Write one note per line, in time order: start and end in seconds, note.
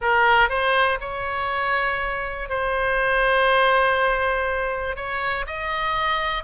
0.01 0.49 A#4
0.49 0.98 C5
1.00 2.49 C#5
2.49 4.95 C5
4.95 5.45 C#5
5.47 6.43 D#5